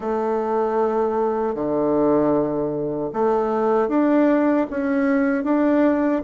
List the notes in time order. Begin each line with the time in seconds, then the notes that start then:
0.00 A3
1.54 D3
3.13 A3
3.88 D4
4.70 C#4
5.44 D4